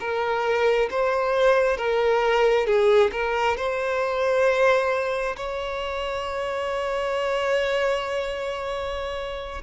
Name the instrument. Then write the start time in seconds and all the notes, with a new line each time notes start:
violin
0.00 A#4
0.90 C5
1.77 A#4
2.66 G#4
3.12 A#4
3.57 C5
5.36 C#5